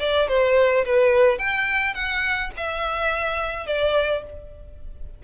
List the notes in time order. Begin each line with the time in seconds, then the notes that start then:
0.00 D5
0.28 C5
0.86 B4
1.39 G5
1.94 F#5
2.57 E5
3.67 D5